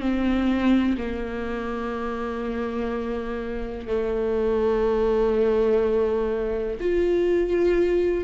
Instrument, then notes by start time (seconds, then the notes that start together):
viola
0.00 C4
0.98 A#3
3.87 A3
6.80 F4